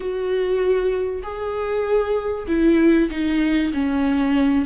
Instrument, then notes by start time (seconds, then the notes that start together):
viola
0.00 F#4
1.22 G#4
2.47 E4
3.10 D#4
3.73 C#4